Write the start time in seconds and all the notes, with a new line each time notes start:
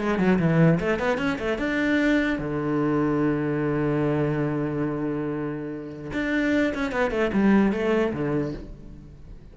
0.00 G#3
0.19 F#3
0.39 E3
0.80 A3
0.99 B3
1.18 C#4
1.39 A3
1.58 D4
2.39 D3
6.13 D4
6.74 C#4
6.92 B3
7.11 A3
7.33 G3
7.72 A3
8.13 D3